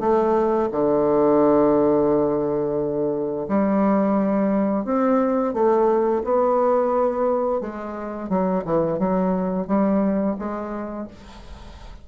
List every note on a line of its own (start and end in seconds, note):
0.00 0.69 A3
0.71 3.47 D3
3.49 4.85 G3
4.85 5.54 C4
5.54 6.23 A3
6.24 7.61 B3
7.61 8.29 G#3
8.29 8.64 F#3
8.65 8.99 E3
8.99 9.67 F#3
9.67 10.36 G3
10.39 11.08 G#3